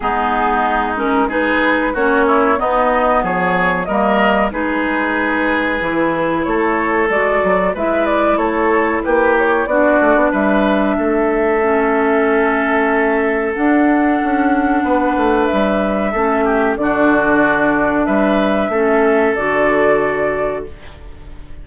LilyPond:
<<
  \new Staff \with { instrumentName = "flute" } { \time 4/4 \tempo 4 = 93 gis'4. ais'8 b'4 cis''4 | dis''4 cis''4 dis''4 b'4~ | b'2 cis''4 d''4 | e''8 d''8 cis''4 b'8 cis''8 d''4 |
e''1~ | e''4 fis''2. | e''2 d''2 | e''2 d''2 | }
  \new Staff \with { instrumentName = "oboe" } { \time 4/4 dis'2 gis'4 fis'8 e'8 | dis'4 gis'4 ais'4 gis'4~ | gis'2 a'2 | b'4 a'4 g'4 fis'4 |
b'4 a'2.~ | a'2. b'4~ | b'4 a'8 g'8 fis'2 | b'4 a'2. | }
  \new Staff \with { instrumentName = "clarinet" } { \time 4/4 b4. cis'8 dis'4 cis'4 | b2 ais4 dis'4~ | dis'4 e'2 fis'4 | e'2. d'4~ |
d'2 cis'2~ | cis'4 d'2.~ | d'4 cis'4 d'2~ | d'4 cis'4 fis'2 | }
  \new Staff \with { instrumentName = "bassoon" } { \time 4/4 gis2. ais4 | b4 f4 g4 gis4~ | gis4 e4 a4 gis8 fis8 | gis4 a4 ais4 b8 a16 b16 |
g4 a2.~ | a4 d'4 cis'4 b8 a8 | g4 a4 d2 | g4 a4 d2 | }
>>